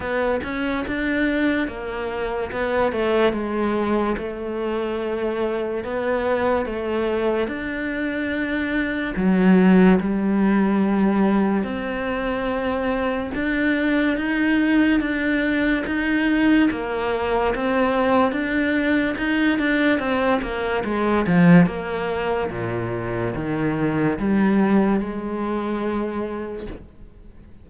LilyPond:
\new Staff \with { instrumentName = "cello" } { \time 4/4 \tempo 4 = 72 b8 cis'8 d'4 ais4 b8 a8 | gis4 a2 b4 | a4 d'2 fis4 | g2 c'2 |
d'4 dis'4 d'4 dis'4 | ais4 c'4 d'4 dis'8 d'8 | c'8 ais8 gis8 f8 ais4 ais,4 | dis4 g4 gis2 | }